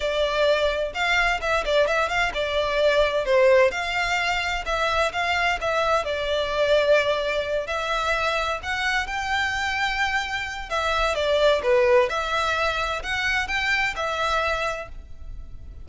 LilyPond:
\new Staff \with { instrumentName = "violin" } { \time 4/4 \tempo 4 = 129 d''2 f''4 e''8 d''8 | e''8 f''8 d''2 c''4 | f''2 e''4 f''4 | e''4 d''2.~ |
d''8 e''2 fis''4 g''8~ | g''2. e''4 | d''4 b'4 e''2 | fis''4 g''4 e''2 | }